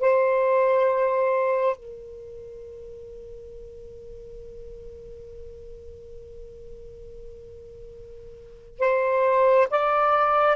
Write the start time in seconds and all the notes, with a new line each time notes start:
0.00 C5
1.76 A#4
8.79 C5
9.70 D5